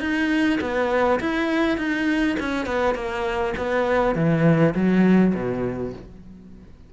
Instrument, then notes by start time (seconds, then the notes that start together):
cello
0.00 D#4
0.61 B3
1.20 E4
1.77 D#4
2.39 C#4
2.66 B3
2.95 A#3
3.57 B3
4.15 E3
4.75 F#3
5.34 B2